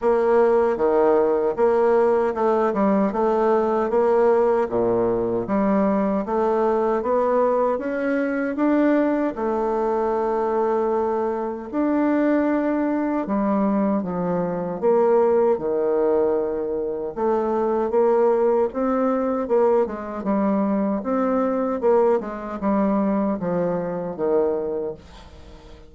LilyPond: \new Staff \with { instrumentName = "bassoon" } { \time 4/4 \tempo 4 = 77 ais4 dis4 ais4 a8 g8 | a4 ais4 ais,4 g4 | a4 b4 cis'4 d'4 | a2. d'4~ |
d'4 g4 f4 ais4 | dis2 a4 ais4 | c'4 ais8 gis8 g4 c'4 | ais8 gis8 g4 f4 dis4 | }